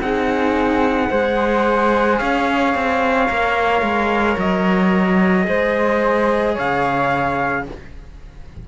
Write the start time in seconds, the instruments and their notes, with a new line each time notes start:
0.00 cello C4 D#4, flute G#4, trumpet F#5
1.10 cello G#3 G#4, flute C5
2.19 cello C#4, flute C#5, trumpet F5
2.75 cello C4
3.28 cello A#3 A#4
3.82 cello G#3
4.38 cello F#3, trumpet D#5
5.44 cello G#3 G#4, flute C5
6.54 cello C#3, flute C#5, trumpet F5